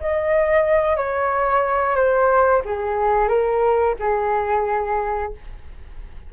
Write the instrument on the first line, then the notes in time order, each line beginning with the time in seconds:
flute
0.00 D#5
0.96 C#5
1.95 C5
2.65 G#4
3.28 A#4
3.99 G#4